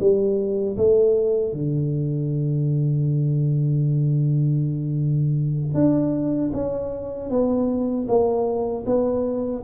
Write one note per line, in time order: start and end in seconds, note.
0.00 0.77 G3
0.77 1.53 A3
1.53 5.74 D3
5.74 6.51 D4
6.53 7.30 C#4
7.30 8.07 B3
8.08 8.85 A#3
8.86 9.63 B3